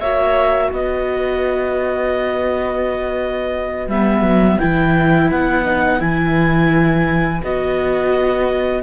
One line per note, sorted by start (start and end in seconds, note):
0.00 0.72 A#3
0.00 3.91 F#4
0.00 0.68 C#5
0.00 0.71 E5
0.68 3.87 B3
0.68 8.80 B4
0.68 3.89 D#5
3.87 4.22 G3
3.87 4.59 B3
3.87 4.59 E5
4.22 4.57 F#3
4.59 5.31 E3
4.59 5.65 E4
4.59 5.29 G5
5.31 6.01 B3
5.31 6.01 F#5
5.65 6.00 D#4
6.00 7.42 E3
6.00 7.41 E4
6.00 7.42 G#5
7.43 8.82 B3
7.43 8.82 F#4
7.43 8.82 D#5